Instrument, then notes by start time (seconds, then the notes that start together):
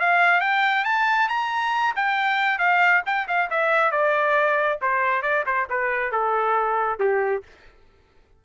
trumpet
0.00 F5
0.41 G5
0.85 A5
1.29 A#5
1.96 G5
2.59 F5
3.06 G5
3.28 F5
3.51 E5
3.92 D5
4.82 C5
5.23 D5
5.46 C5
5.70 B4
6.12 A4
7.00 G4